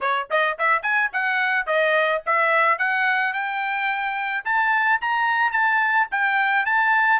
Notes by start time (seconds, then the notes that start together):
0.01 C#5
0.30 D#5
0.58 E5
0.82 G#5
1.12 F#5
1.66 D#5
2.26 E5
2.78 F#5
3.33 G5
4.44 A5
5.01 A#5
5.52 A5
6.11 G5
6.65 A5